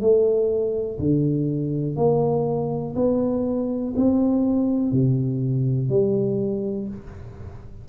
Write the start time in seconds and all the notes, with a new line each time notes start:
0.00 A3
0.98 D3
1.96 A#3
2.95 B3
3.96 C4
4.91 C3
5.89 G3